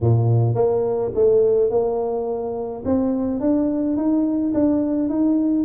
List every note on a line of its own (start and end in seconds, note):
0.00 0.55 A#2
0.55 1.11 A#3
1.14 1.70 A3
1.70 2.83 A#3
2.85 3.40 C4
3.40 3.96 D4
3.96 4.53 D#4
4.54 5.09 D4
5.09 5.64 D#4